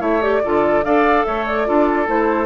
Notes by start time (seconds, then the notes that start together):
0.00 A3 E4 C#5 E5
0.22 G4 D5
0.44 D3 F4 A4
0.84 D4 A4 D5 F5
1.25 A3 C#5 E5
1.47 D5
1.65 D4 F4 A4
2.06 A3 E4 C5